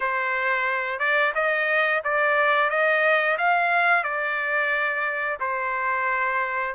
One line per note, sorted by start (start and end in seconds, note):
0.00 0.99 C5
0.99 1.33 D5
1.35 2.02 D#5
2.04 2.70 D5
2.70 3.37 D#5
3.37 4.03 F5
4.03 5.38 D5
5.40 6.74 C5